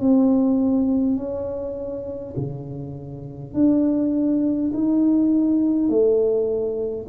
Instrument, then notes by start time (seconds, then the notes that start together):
tuba
0.00 C4
1.17 C#4
2.36 C#3
3.53 D4
4.73 D#4
5.89 A3